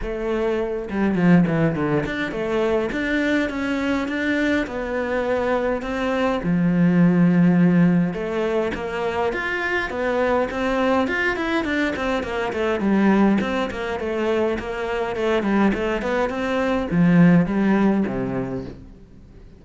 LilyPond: \new Staff \with { instrumentName = "cello" } { \time 4/4 \tempo 4 = 103 a4. g8 f8 e8 d8 d'8 | a4 d'4 cis'4 d'4 | b2 c'4 f4~ | f2 a4 ais4 |
f'4 b4 c'4 f'8 e'8 | d'8 c'8 ais8 a8 g4 c'8 ais8 | a4 ais4 a8 g8 a8 b8 | c'4 f4 g4 c4 | }